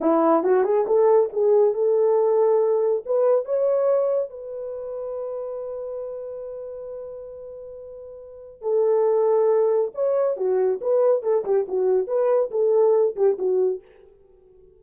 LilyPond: \new Staff \with { instrumentName = "horn" } { \time 4/4 \tempo 4 = 139 e'4 fis'8 gis'8 a'4 gis'4 | a'2. b'4 | cis''2 b'2~ | b'1~ |
b'1 | a'2. cis''4 | fis'4 b'4 a'8 g'8 fis'4 | b'4 a'4. g'8 fis'4 | }